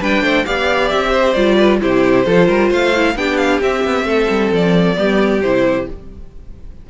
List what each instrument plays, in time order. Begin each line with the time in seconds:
0.00 cello G3, viola D4, violin B4 G5
0.21 cello A3, violin C5
0.45 cello B3, viola G4, violin D5 F5
0.89 cello C4, violin E5
1.10 violin C5
1.33 cello G3, viola F4, violin D5
1.56 violin B4
1.80 cello C3, viola E4, violin G4 C5
2.26 cello F3, viola F4, violin A4
2.47 cello G3, violin A#4
2.69 cello A3, violin C5 F5
2.95 viola E4
3.15 cello B3, viola D4, violin G4 G5
3.36 violin F5
3.61 cello C4, viola C4, violin E5
3.84 cello B3
4.04 cello A3, violin A4
4.30 cello G3
4.52 cello F3, violin D5
4.95 cello G3, viola B3, violin G4
5.41 cello C3, viola E4, violin C5